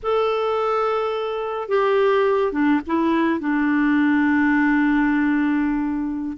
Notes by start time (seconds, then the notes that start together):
0.03 A4
1.68 G4
2.52 D4
2.86 E4
3.40 D4